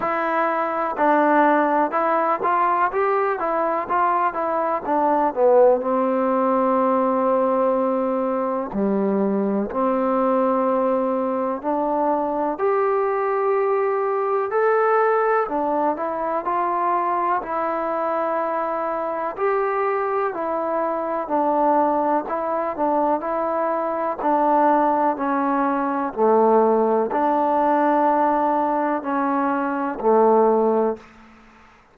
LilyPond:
\new Staff \with { instrumentName = "trombone" } { \time 4/4 \tempo 4 = 62 e'4 d'4 e'8 f'8 g'8 e'8 | f'8 e'8 d'8 b8 c'2~ | c'4 g4 c'2 | d'4 g'2 a'4 |
d'8 e'8 f'4 e'2 | g'4 e'4 d'4 e'8 d'8 | e'4 d'4 cis'4 a4 | d'2 cis'4 a4 | }